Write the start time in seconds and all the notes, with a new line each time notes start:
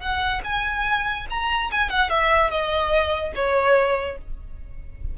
0.00 F#5
0.44 G#5
1.30 A#5
1.71 G#5
1.90 F#5
2.09 E5
2.50 D#5
3.35 C#5